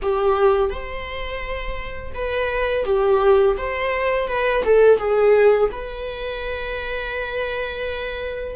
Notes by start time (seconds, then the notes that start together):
0.02 G4
0.69 C5
2.14 B4
2.84 G4
3.57 C5
4.28 B4
4.64 A4
4.98 G#4
5.71 B4